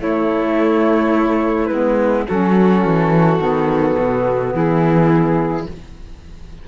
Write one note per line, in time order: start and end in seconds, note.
0.00 1.69 A3
0.00 1.70 A3
0.00 2.27 E4
0.00 1.67 C#5
1.67 2.26 G#3
1.67 2.27 B3
1.67 2.23 B4
2.28 2.85 F#3
2.28 3.37 C#4
2.28 4.54 F#4
2.28 4.54 A4
2.85 3.39 E3
3.37 3.96 D#3
3.37 5.64 B3
3.98 4.54 B2
4.54 5.67 E3
4.54 5.67 E4
4.54 5.68 G#4